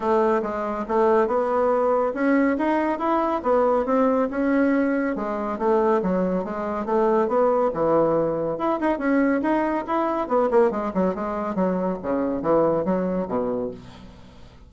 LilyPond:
\new Staff \with { instrumentName = "bassoon" } { \time 4/4 \tempo 4 = 140 a4 gis4 a4 b4~ | b4 cis'4 dis'4 e'4 | b4 c'4 cis'2 | gis4 a4 fis4 gis4 |
a4 b4 e2 | e'8 dis'8 cis'4 dis'4 e'4 | b8 ais8 gis8 fis8 gis4 fis4 | cis4 e4 fis4 b,4 | }